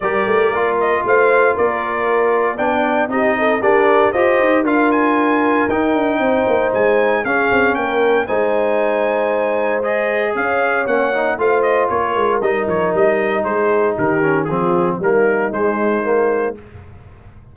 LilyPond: <<
  \new Staff \with { instrumentName = "trumpet" } { \time 4/4 \tempo 4 = 116 d''4. dis''8 f''4 d''4~ | d''4 g''4 dis''4 d''4 | dis''4 f''8 gis''4. g''4~ | g''4 gis''4 f''4 g''4 |
gis''2. dis''4 | f''4 fis''4 f''8 dis''8 cis''4 | dis''8 cis''8 dis''4 c''4 ais'4 | gis'4 ais'4 c''2 | }
  \new Staff \with { instrumentName = "horn" } { \time 4/4 ais'2 c''4 ais'4~ | ais'4 d''4 g'8 a'8 ais'4 | c''4 ais'2. | c''2 gis'4 ais'4 |
c''1 | cis''2 c''4 ais'4~ | ais'2 gis'4 g'4 | f'4 dis'2. | }
  \new Staff \with { instrumentName = "trombone" } { \time 4/4 g'4 f'2.~ | f'4 d'4 dis'4 d'4 | g'4 f'2 dis'4~ | dis'2 cis'2 |
dis'2. gis'4~ | gis'4 cis'8 dis'8 f'2 | dis'2.~ dis'8 cis'8 | c'4 ais4 gis4 ais4 | }
  \new Staff \with { instrumentName = "tuba" } { \time 4/4 g8 a8 ais4 a4 ais4~ | ais4 b4 c'4 g'4 | f'8 dis'8 d'2 dis'8 d'8 | c'8 ais8 gis4 cis'8 c'8 ais4 |
gis1 | cis'4 ais4 a4 ais8 gis8 | g8 f8 g4 gis4 dis4 | f4 g4 gis2 | }
>>